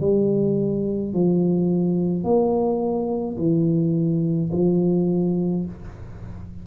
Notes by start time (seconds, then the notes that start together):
0.00 G3
1.13 F3
2.24 A#3
3.37 E3
4.52 F3